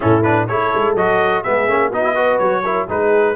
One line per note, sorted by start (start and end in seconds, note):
0.00 0.49 A2
0.00 0.22 C#4
0.00 0.48 E4
0.00 0.23 A4
0.23 0.48 D4
0.23 0.47 B4
0.47 0.73 A3
0.47 0.96 E4
0.47 1.45 A4
0.47 0.95 C#5
0.74 0.94 G#3
0.94 1.42 F#3
0.94 1.44 F#4
0.94 1.43 D#5
1.43 1.68 G#3
1.43 1.68 B3
1.43 1.90 G#4
1.43 1.91 E5
1.68 1.91 A#3
1.68 1.92 C#4
1.90 2.39 B3
1.90 2.03 D#4
1.90 2.14 F#4
1.90 2.38 D#5
2.03 2.15 E4
2.14 2.63 F#4
2.14 2.62 B4
2.38 2.88 F#3
2.38 2.86 C#5
2.63 2.88 E4
2.63 2.87 A#4
2.88 3.35 G#3
2.88 3.35 D#4
2.88 3.35 G#4
2.88 3.35 B4